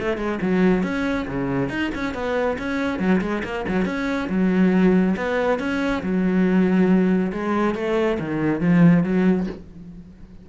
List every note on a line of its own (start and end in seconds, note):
0.00 0.17 A3
0.17 0.39 G#3
0.42 0.84 F#3
0.84 1.27 C#4
1.28 1.70 C#3
1.70 1.91 D#4
1.95 2.14 C#4
2.14 2.58 B3
2.59 2.99 C#4
2.99 3.21 F#3
3.22 3.43 G#3
3.44 3.66 A#3
3.68 3.86 F#3
3.86 4.29 C#4
4.29 5.16 F#3
5.17 5.60 B3
5.60 6.03 C#4
6.03 7.32 F#3
7.33 7.75 G#3
7.75 8.19 A3
8.20 8.61 D#3
8.61 9.04 F3
9.04 9.47 F#3